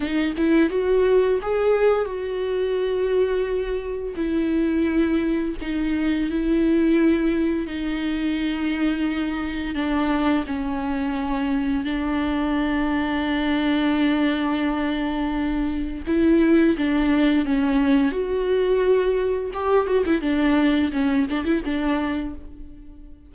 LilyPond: \new Staff \with { instrumentName = "viola" } { \time 4/4 \tempo 4 = 86 dis'8 e'8 fis'4 gis'4 fis'4~ | fis'2 e'2 | dis'4 e'2 dis'4~ | dis'2 d'4 cis'4~ |
cis'4 d'2.~ | d'2. e'4 | d'4 cis'4 fis'2 | g'8 fis'16 e'16 d'4 cis'8 d'16 e'16 d'4 | }